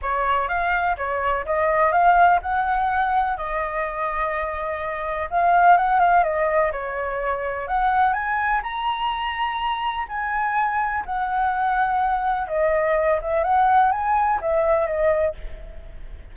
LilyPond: \new Staff \with { instrumentName = "flute" } { \time 4/4 \tempo 4 = 125 cis''4 f''4 cis''4 dis''4 | f''4 fis''2 dis''4~ | dis''2. f''4 | fis''8 f''8 dis''4 cis''2 |
fis''4 gis''4 ais''2~ | ais''4 gis''2 fis''4~ | fis''2 dis''4. e''8 | fis''4 gis''4 e''4 dis''4 | }